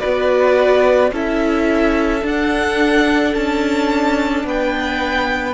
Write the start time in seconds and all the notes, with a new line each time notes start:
0.00 B3 F#4 B4 D5
1.12 C#4 E4 A4 E5
2.22 D4 F#5
3.35 C#4 A5
4.44 B3 B4 G5